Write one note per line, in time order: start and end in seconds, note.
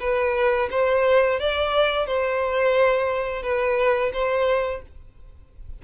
0.00 0.69 B4
0.71 1.40 C5
1.40 2.07 D5
2.07 3.43 C5
3.43 4.12 B4
4.13 4.82 C5